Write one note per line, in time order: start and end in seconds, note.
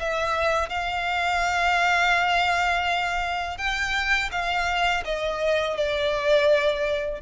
0.00 0.70 E5
0.70 3.58 F5
3.58 4.30 G5
4.32 5.04 F5
5.05 5.77 D#5
5.77 7.22 D5